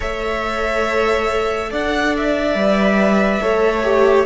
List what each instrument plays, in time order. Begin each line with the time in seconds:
0.00 cello A3, viola A4, violin C#5 E5
1.70 cello D4, violin D5 F#5
2.17 violin E5
2.54 cello G3, viola B4
3.41 cello A3, viola A4, violin C#5
3.83 viola G4